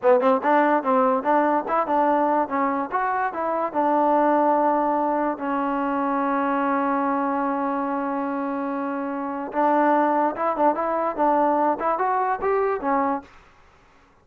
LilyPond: \new Staff \with { instrumentName = "trombone" } { \time 4/4 \tempo 4 = 145 b8 c'8 d'4 c'4 d'4 | e'8 d'4. cis'4 fis'4 | e'4 d'2.~ | d'4 cis'2.~ |
cis'1~ | cis'2. d'4~ | d'4 e'8 d'8 e'4 d'4~ | d'8 e'8 fis'4 g'4 cis'4 | }